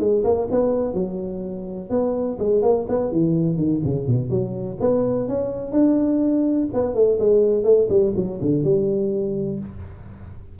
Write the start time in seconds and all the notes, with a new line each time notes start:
0.00 G#3
0.24 A#3
0.51 B3
0.94 F#3
1.90 B3
2.40 G#3
2.62 A#3
2.89 B3
3.12 E3
3.57 D#3
3.85 C#3
4.07 B2
4.30 F#3
4.80 B3
5.29 C#4
5.72 D4
6.74 B3
6.95 A3
7.20 G#3
7.64 A3
7.90 G3
8.16 F#3
8.42 D3
8.64 G3